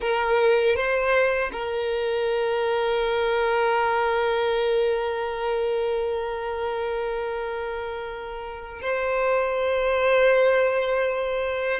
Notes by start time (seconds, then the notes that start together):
0.00 A#4
0.75 C5
1.52 A#4
8.81 C5